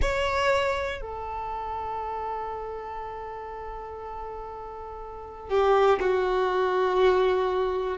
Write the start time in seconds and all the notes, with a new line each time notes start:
0.01 C#5
1.01 A4
5.49 G4
6.00 F#4